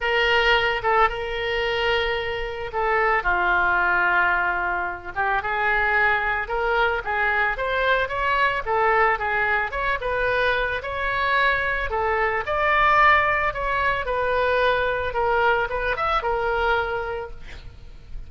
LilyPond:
\new Staff \with { instrumentName = "oboe" } { \time 4/4 \tempo 4 = 111 ais'4. a'8 ais'2~ | ais'4 a'4 f'2~ | f'4. g'8 gis'2 | ais'4 gis'4 c''4 cis''4 |
a'4 gis'4 cis''8 b'4. | cis''2 a'4 d''4~ | d''4 cis''4 b'2 | ais'4 b'8 e''8 ais'2 | }